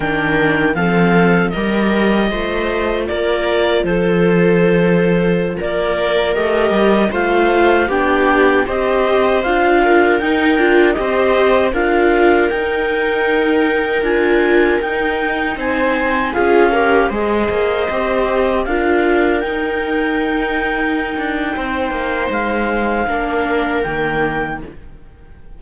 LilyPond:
<<
  \new Staff \with { instrumentName = "clarinet" } { \time 4/4 \tempo 4 = 78 g''4 f''4 dis''2 | d''4 c''2~ c''16 d''8.~ | d''16 dis''4 f''4 g''4 dis''8.~ | dis''16 f''4 g''4 dis''4 f''8.~ |
f''16 g''2 gis''4 g''8.~ | g''16 gis''4 f''4 dis''4.~ dis''16~ | dis''16 f''4 g''2~ g''8.~ | g''4 f''2 g''4 | }
  \new Staff \with { instrumentName = "viola" } { \time 4/4 ais'4 a'4 ais'4 c''4 | ais'4 a'2~ a'16 ais'8.~ | ais'4~ ais'16 c''4 g'4 c''8.~ | c''8. ais'4. c''4 ais'8.~ |
ais'1~ | ais'16 c''4 gis'8 ais'8 c''4.~ c''16~ | c''16 ais'2.~ ais'8. | c''2 ais'2 | }
  \new Staff \with { instrumentName = "viola" } { \time 4/4 d'4 c'4 g'4 f'4~ | f'1~ | f'16 g'4 f'4 d'4 g'8.~ | g'16 f'4 dis'8 f'8 g'4 f'8.~ |
f'16 dis'2 f'4 dis'8.~ | dis'4~ dis'16 f'8 g'8 gis'4 g'8.~ | g'16 f'4 dis'2~ dis'8.~ | dis'2 d'4 ais4 | }
  \new Staff \with { instrumentName = "cello" } { \time 4/4 dis4 f4 g4 a4 | ais4 f2~ f16 ais8.~ | ais16 a8 g8 a4 b4 c'8.~ | c'16 d'4 dis'8 d'8 c'4 d'8.~ |
d'16 dis'2 d'4 dis'8.~ | dis'16 c'4 cis'4 gis8 ais8 c'8.~ | c'16 d'4 dis'2~ dis'16 d'8 | c'8 ais8 gis4 ais4 dis4 | }
>>